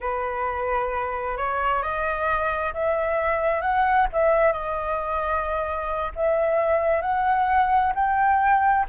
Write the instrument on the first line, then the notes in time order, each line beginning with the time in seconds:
flute
0.00 B4
1.37 C#5
1.82 D#5
2.73 E5
3.61 F#5
4.12 E5
4.52 D#5
6.15 E5
7.01 F#5
7.95 G5